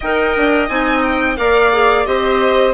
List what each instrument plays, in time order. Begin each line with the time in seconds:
0.00 bassoon D#4, clarinet A#4, viola D#5, violin G5
0.36 bassoon D4
0.68 bassoon C4, clarinet D#4, violin G#5
1.03 violin G5
1.36 bassoon A#3, clarinet A#4, viola D5, violin F5
1.72 clarinet G#4
2.05 bassoon C4, clarinet G4, viola C5, violin D#5